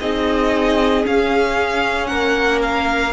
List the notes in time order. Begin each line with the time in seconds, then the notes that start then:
0.00 C4 D#4 G#4 D#5
1.03 C#4 F5
2.07 A#3 A#4 F#5
2.62 F5